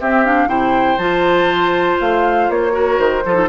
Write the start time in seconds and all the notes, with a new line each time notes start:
0.00 C4 G4 E5
0.25 D4 F5
0.46 C3 E4 C5 G5
0.98 F3 F4 A5
2.01 A3 F5
2.49 A#3 C#5
2.72 F#4 A#4
2.99 D#3 C5
3.25 F3 F4 A4
3.35 D#4